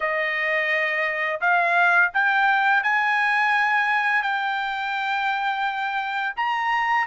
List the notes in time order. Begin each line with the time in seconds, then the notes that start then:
0.00 D#5
1.41 F5
2.13 G5
2.83 G#5
4.22 G5
6.36 A#5